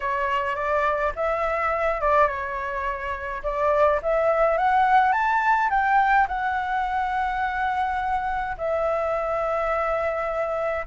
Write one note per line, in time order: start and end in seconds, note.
0.00 0.55 C#5
0.55 1.12 D5
1.15 2.00 E5
2.00 2.27 D5
2.27 3.42 C#5
3.43 4.00 D5
4.02 4.57 E5
4.57 5.12 F#5
5.12 5.69 A5
5.70 6.27 G5
6.28 8.56 F#5
8.57 10.86 E5